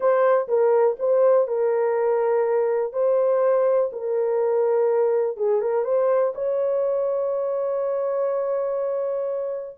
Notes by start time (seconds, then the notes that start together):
0.00 C5
0.48 A#4
0.99 C5
1.47 A#4
2.92 C5
3.92 A#4
5.36 G#4
5.61 A#4
5.84 C5
6.35 C#5